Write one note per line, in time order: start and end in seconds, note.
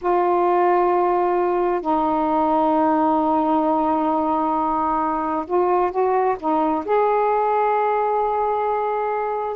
0.01 1.81 F4
1.81 5.45 D#4
5.46 5.91 F4
5.91 6.36 F#4
6.39 6.85 D#4
6.85 9.56 G#4